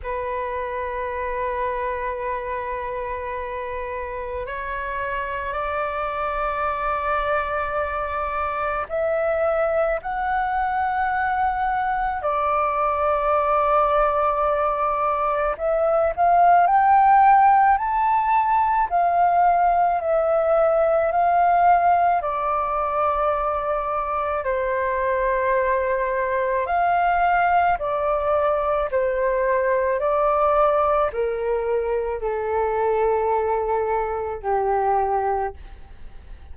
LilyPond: \new Staff \with { instrumentName = "flute" } { \time 4/4 \tempo 4 = 54 b'1 | cis''4 d''2. | e''4 fis''2 d''4~ | d''2 e''8 f''8 g''4 |
a''4 f''4 e''4 f''4 | d''2 c''2 | f''4 d''4 c''4 d''4 | ais'4 a'2 g'4 | }